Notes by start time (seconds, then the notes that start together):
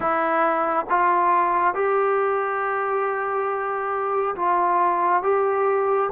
0.00 E4
0.89 F4
1.74 G4
4.35 F4
5.22 G4